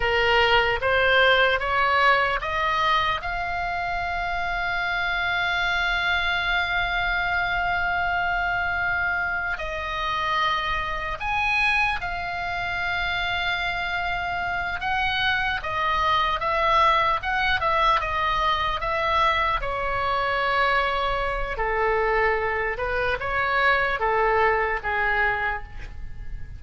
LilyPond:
\new Staff \with { instrumentName = "oboe" } { \time 4/4 \tempo 4 = 75 ais'4 c''4 cis''4 dis''4 | f''1~ | f''1 | dis''2 gis''4 f''4~ |
f''2~ f''8 fis''4 dis''8~ | dis''8 e''4 fis''8 e''8 dis''4 e''8~ | e''8 cis''2~ cis''8 a'4~ | a'8 b'8 cis''4 a'4 gis'4 | }